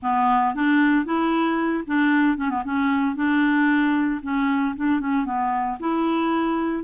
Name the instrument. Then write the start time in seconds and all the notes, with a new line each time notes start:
clarinet
0.02 B3
0.55 D4
1.05 E4
1.87 D4
2.37 C#4
2.50 B3
2.65 C#4
3.15 D4
4.22 C#4
4.75 D4
5.00 C#4
5.25 B3
5.79 E4